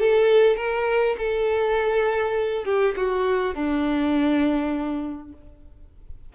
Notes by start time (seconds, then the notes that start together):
0.00 A4
0.57 A#4
1.18 A4
2.65 G4
2.97 F#4
3.55 D4